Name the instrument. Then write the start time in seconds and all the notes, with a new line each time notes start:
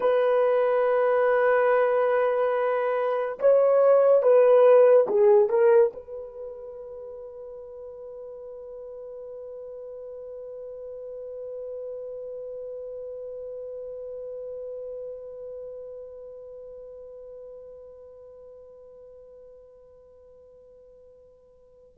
horn
0.00 B4
3.39 C#5
4.22 B4
5.07 G#4
5.49 A#4
5.93 B4